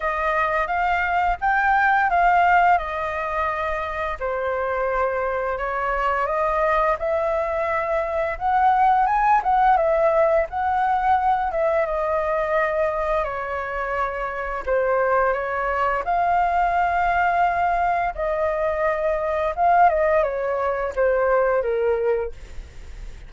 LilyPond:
\new Staff \with { instrumentName = "flute" } { \time 4/4 \tempo 4 = 86 dis''4 f''4 g''4 f''4 | dis''2 c''2 | cis''4 dis''4 e''2 | fis''4 gis''8 fis''8 e''4 fis''4~ |
fis''8 e''8 dis''2 cis''4~ | cis''4 c''4 cis''4 f''4~ | f''2 dis''2 | f''8 dis''8 cis''4 c''4 ais'4 | }